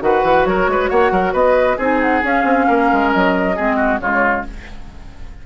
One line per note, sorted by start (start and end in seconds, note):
0.00 0.23 D#3
0.00 1.78 F#4
0.00 0.48 B4
0.00 0.45 F#5
0.23 0.45 E3
0.45 0.67 F#3
0.45 0.70 A#4
0.45 0.89 C#5
0.67 0.89 G#3
0.67 0.89 B4
0.89 1.11 A#3
0.89 1.12 C#5
0.89 1.33 F#5
1.11 1.33 F#3
1.11 1.32 A#4
1.32 1.77 B3
1.32 1.77 B4
1.32 1.79 D#5
1.77 2.22 C4
1.77 2.22 D#4
1.77 2.66 G#4
1.77 2.01 G#5
2.01 2.24 F#5
2.22 3.55 C#4
2.22 2.44 C#4
2.22 3.11 F5
2.44 2.66 C4
2.67 2.91 A#3
2.67 3.55 A#4
2.92 3.14 G#3
3.11 3.58 F#3
3.11 4.00 D#5
3.55 4.00 G#3
3.55 4.00 C4
3.55 3.76 G#4
3.76 3.98 F#4
4.00 4.45 C#3
4.00 4.45 G#3
4.00 4.46 F4
4.00 4.44 C#5